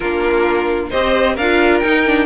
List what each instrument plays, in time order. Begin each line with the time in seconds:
0.00 cello A#3, viola D4, violin F4 A#4
0.89 cello C4, viola G4, violin C5 D#5
1.34 cello D4, violin A#4 F5
1.41 viola F4
1.79 viola D#4, cello D#4, violin G5
2.06 viola D4